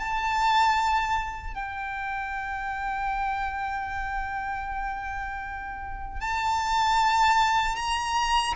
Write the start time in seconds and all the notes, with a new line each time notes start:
0.00 A5
1.55 G5
6.21 A5
7.76 A#5